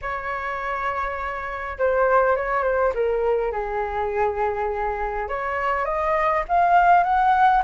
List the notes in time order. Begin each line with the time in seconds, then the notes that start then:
0.01 C#5
1.78 C5
2.36 C#5
2.63 C5
2.94 A#4
3.52 G#4
5.28 C#5
5.85 D#5
6.48 F5
7.03 F#5